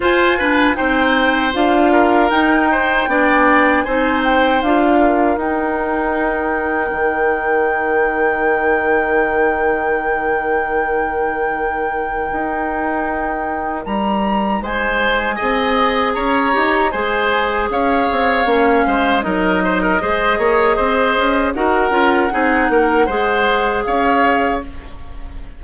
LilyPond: <<
  \new Staff \with { instrumentName = "flute" } { \time 4/4 \tempo 4 = 78 gis''4 g''4 f''4 g''4~ | g''4 gis''8 g''8 f''4 g''4~ | g''1~ | g''1~ |
g''2 ais''4 gis''4~ | gis''4 ais''4 gis''4 f''4~ | f''4 dis''2. | fis''2. f''4 | }
  \new Staff \with { instrumentName = "oboe" } { \time 4/4 c''8 b'8 c''4. ais'4 c''8 | d''4 c''4. ais'4.~ | ais'1~ | ais'1~ |
ais'2. c''4 | dis''4 cis''4 c''4 cis''4~ | cis''8 c''8 ais'8 c''16 ais'16 c''8 cis''8 c''4 | ais'4 gis'8 ais'8 c''4 cis''4 | }
  \new Staff \with { instrumentName = "clarinet" } { \time 4/4 f'8 d'8 dis'4 f'4 dis'4 | d'4 dis'4 f'4 dis'4~ | dis'1~ | dis'1~ |
dis'1 | gis'4. g'8 gis'2 | cis'4 dis'4 gis'2 | fis'8 f'8 dis'4 gis'2 | }
  \new Staff \with { instrumentName = "bassoon" } { \time 4/4 f'4 c'4 d'4 dis'4 | b4 c'4 d'4 dis'4~ | dis'4 dis2.~ | dis1 |
dis'2 g4 gis4 | c'4 cis'8 dis'8 gis4 cis'8 c'8 | ais8 gis8 fis4 gis8 ais8 c'8 cis'8 | dis'8 cis'8 c'8 ais8 gis4 cis'4 | }
>>